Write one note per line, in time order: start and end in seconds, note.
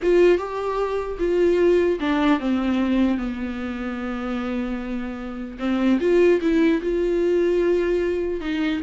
0.02 0.38 F4
0.38 1.18 G4
1.19 1.99 F4
1.99 2.39 D4
2.39 3.17 C4
3.17 5.57 B3
5.59 5.99 C4
6.00 6.40 F4
6.41 6.81 E4
6.81 8.40 F4
8.40 8.80 D#4